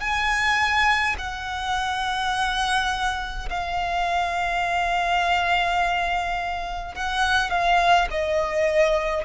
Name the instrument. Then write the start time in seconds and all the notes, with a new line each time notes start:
violin
0.00 G#5
1.18 F#5
3.49 F5
6.94 F#5
7.49 F5
8.10 D#5